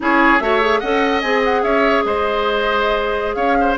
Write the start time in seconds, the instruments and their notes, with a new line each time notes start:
0.00 bassoon C#4, clarinet E4, oboe G#4, flute C#5
0.38 bassoon A3, clarinet F#4, oboe C#5, flute E5
0.61 clarinet G#4
0.79 bassoon C#4, clarinet A4, oboe D#5, flute F#5
1.21 bassoon C4, clarinet G#4, flute G#5
1.44 flute F#5
1.63 bassoon C#4, oboe C#5, flute E5
2.04 bassoon G#3, oboe C5, flute D#5
3.34 bassoon C#4, oboe C#5, flute F5
3.60 oboe C5